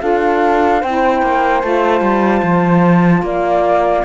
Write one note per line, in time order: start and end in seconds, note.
0.00 0.84 D4
0.00 0.81 F4
0.00 0.81 A4
0.00 0.82 F5
0.81 1.23 C4
0.81 1.62 E4
0.81 3.24 C5
0.81 1.61 G5
1.23 1.63 A#3
1.61 2.01 A3
1.61 4.05 F4
1.61 3.24 A5
2.01 2.42 G3
2.43 3.22 F3
3.22 4.04 A#3
3.22 4.05 D5
3.22 4.05 F5